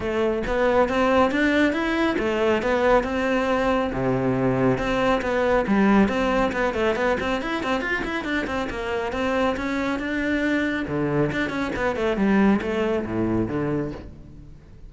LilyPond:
\new Staff \with { instrumentName = "cello" } { \time 4/4 \tempo 4 = 138 a4 b4 c'4 d'4 | e'4 a4 b4 c'4~ | c'4 c2 c'4 | b4 g4 c'4 b8 a8 |
b8 c'8 e'8 c'8 f'8 e'8 d'8 c'8 | ais4 c'4 cis'4 d'4~ | d'4 d4 d'8 cis'8 b8 a8 | g4 a4 a,4 d4 | }